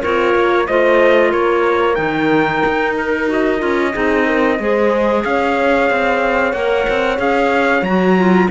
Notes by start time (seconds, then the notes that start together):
0.00 C4 F4 A#4 C#5
0.35 A#3
0.67 A3 F4 C5 D#5
1.30 A#3 A#4 C#5
1.95 D#3 D#4 G5
2.66 D#4
2.97 A#4
3.27 F#4 D#5
3.58 C#4 F4
3.93 C4 D#4 G#4
4.26 A#4
4.59 G#3 G#4 C5
5.24 C#4 C#5 F5
5.90 C4
6.53 A#3 A#4 F#5
6.89 C4
7.18 C#4 G#4 F5
7.82 F#3 F#4 A#5
8.18 F4